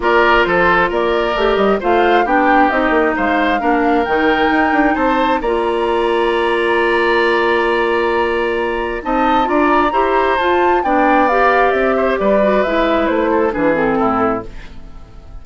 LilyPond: <<
  \new Staff \with { instrumentName = "flute" } { \time 4/4 \tempo 4 = 133 d''4 c''4 d''4. dis''8 | f''4 g''4 dis''4 f''4~ | f''4 g''2 a''4 | ais''1~ |
ais''1 | a''4 ais''2 a''4 | g''4 f''4 e''4 d''4 | e''4 c''4 b'8 a'4. | }
  \new Staff \with { instrumentName = "oboe" } { \time 4/4 ais'4 a'4 ais'2 | c''4 g'2 c''4 | ais'2. c''4 | d''1~ |
d''1 | dis''4 d''4 c''2 | d''2~ d''8 c''8 b'4~ | b'4. a'8 gis'4 e'4 | }
  \new Staff \with { instrumentName = "clarinet" } { \time 4/4 f'2. g'4 | f'4 d'4 dis'2 | d'4 dis'2. | f'1~ |
f'1 | dis'4 f'4 g'4 f'4 | d'4 g'2~ g'8 fis'8 | e'2 d'8 c'4. | }
  \new Staff \with { instrumentName = "bassoon" } { \time 4/4 ais4 f4 ais4 a8 g8 | a4 b4 c'8 ais8 gis4 | ais4 dis4 dis'8 d'8 c'4 | ais1~ |
ais1 | c'4 d'4 e'4 f'4 | b2 c'4 g4 | gis4 a4 e4 a,4 | }
>>